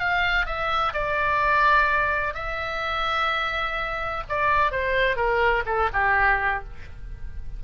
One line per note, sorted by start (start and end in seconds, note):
0.00 0.46 F5
0.46 0.93 E5
0.94 2.35 D5
2.35 4.24 E5
4.29 4.72 D5
4.72 5.16 C5
5.16 5.64 A#4
5.66 5.90 A4
5.93 6.64 G4